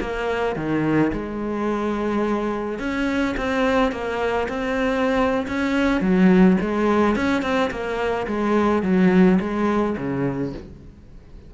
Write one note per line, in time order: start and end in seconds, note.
0.00 0.56 A#3
0.56 1.12 D#3
1.12 2.79 G#3
2.79 3.35 C#4
3.37 3.92 C4
3.92 4.48 A#3
4.49 5.47 C4
5.47 6.01 C#4
6.01 6.57 F#3
6.61 7.16 G#3
7.16 7.42 C#4
7.42 7.70 C4
7.71 8.27 A#3
8.27 8.83 G#3
8.83 9.39 F#3
9.40 9.96 G#3
9.97 10.53 C#3